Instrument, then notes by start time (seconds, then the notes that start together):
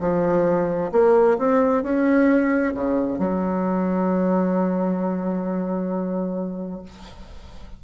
bassoon
0.00 F3
0.91 A#3
1.38 C4
1.83 C#4
2.74 C#3
3.18 F#3